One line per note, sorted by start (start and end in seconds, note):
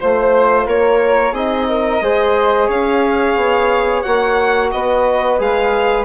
0.00 0.68 A3
0.00 1.35 F4
0.00 0.68 C5
0.00 0.67 C5
0.67 1.33 A#3
0.67 1.33 A#4
0.67 1.35 C#5
1.33 2.00 C4
1.33 2.02 D#4
1.33 1.66 G#4
1.33 2.70 D#5
1.69 2.03 A#4
2.02 2.69 G#3
2.02 4.04 G#4
2.02 2.67 C5
2.67 3.36 C#4
2.67 4.69 C#5
2.67 4.03 F5
3.36 4.04 B3
4.03 4.73 A#3
4.03 5.39 F#4
4.03 4.70 F#5
4.72 5.40 B3
4.72 6.06 B4
4.72 5.39 D#5
5.39 6.06 G#3
5.39 6.06 G#4
5.39 6.06 F5